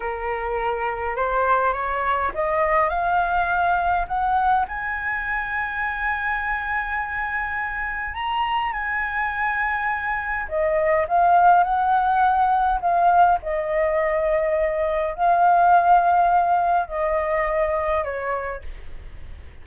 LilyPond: \new Staff \with { instrumentName = "flute" } { \time 4/4 \tempo 4 = 103 ais'2 c''4 cis''4 | dis''4 f''2 fis''4 | gis''1~ | gis''2 ais''4 gis''4~ |
gis''2 dis''4 f''4 | fis''2 f''4 dis''4~ | dis''2 f''2~ | f''4 dis''2 cis''4 | }